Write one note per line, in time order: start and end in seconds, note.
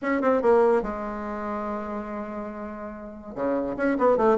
0.01 0.21 C#4
0.21 0.42 C4
0.42 0.82 A#3
0.82 3.35 G#3
3.35 3.76 C#3
3.77 3.97 C#4
3.98 4.17 B3
4.17 4.37 A3